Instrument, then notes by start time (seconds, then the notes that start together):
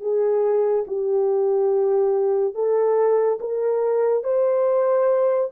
horn
0.00 G#4
0.87 G4
2.54 A4
3.40 A#4
4.23 C5